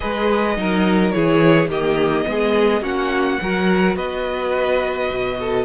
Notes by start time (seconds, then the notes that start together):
0.00 G#3 G#4 B4 D#5
0.55 F#3 D#4 A#4
1.11 E3 E4 G#4 C#5
1.68 D#3 A#3 G4 D#5
2.24 G#3 B3 G#4
2.81 A#3 C#4 F#4 F#5
3.41 F#3 F#4 A#4
3.96 B3 B4 D#5
5.10 B2
5.39 A4